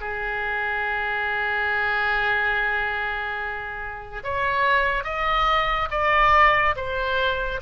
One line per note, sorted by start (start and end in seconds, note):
0.00 4.23 G#4
4.24 5.04 C#5
5.04 5.88 D#5
5.91 6.75 D5
6.76 7.60 C5